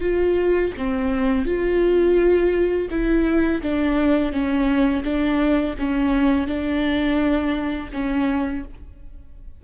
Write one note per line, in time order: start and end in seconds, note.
0.00 0.71 F4
0.77 1.45 C4
1.45 2.88 F4
2.90 3.61 E4
3.62 4.32 D4
4.32 5.03 C#4
5.03 5.75 D4
5.78 6.47 C#4
6.47 7.90 D4
7.93 8.64 C#4